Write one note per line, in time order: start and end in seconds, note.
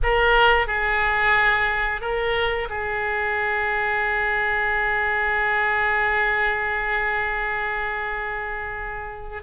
0.02 0.67 A#4
0.67 2.01 G#4
2.01 2.68 A#4
2.69 9.43 G#4